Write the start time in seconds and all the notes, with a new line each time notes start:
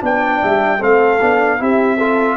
0.00 B3 D4 D5 G5
0.43 G3 E5
0.80 A3 C4 A4 F5
1.21 B3 D4
1.59 C4 E4 G4 E5
1.98 F4 A4